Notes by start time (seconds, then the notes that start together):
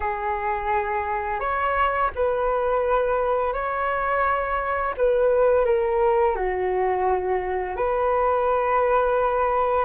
0.00 G#4
1.40 C#5
2.15 B4
3.53 C#5
4.97 B4
5.65 A#4
6.35 F#4
7.76 B4